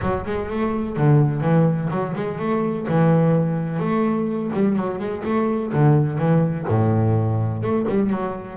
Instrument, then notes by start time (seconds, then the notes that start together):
double bass
0.01 F#3
0.25 G#3
0.49 A3
0.96 D3
1.41 E3
1.90 F#3
2.15 G#3
2.39 A3
2.88 E3
3.79 A3
4.53 G3
4.76 F#3
4.98 G#3
5.24 A3
5.72 D3
6.18 E3
6.68 A2
7.62 A3
7.88 G3
8.10 F#3